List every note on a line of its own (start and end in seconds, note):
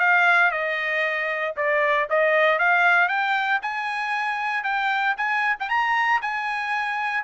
0.00 0.52 F5
0.52 1.55 D#5
1.57 2.09 D5
2.10 2.59 D#5
2.59 3.09 F5
3.09 3.61 G5
3.63 4.64 G#5
4.64 5.16 G5
5.18 5.57 G#5
5.60 5.69 G5
5.69 6.21 A#5
6.22 7.24 G#5